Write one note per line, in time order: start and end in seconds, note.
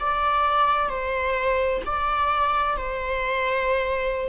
0.00 0.89 D5
0.89 1.82 C5
1.86 2.77 D5
2.77 4.29 C5